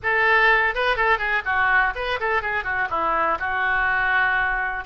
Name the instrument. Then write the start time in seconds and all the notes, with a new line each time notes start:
oboe
0.02 A4
0.75 B4
0.96 A4
1.18 G#4
1.45 F#4
1.95 B4
2.20 A4
2.42 G#4
2.64 F#4
2.89 E4
3.39 F#4